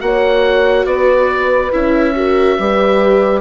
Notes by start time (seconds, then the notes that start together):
0.00 A#3 F#4 C#5 F#5
0.86 B3 B4 D5
1.72 C#4 E4 E5
2.16 F#4 A#4
2.58 G3 G4 B4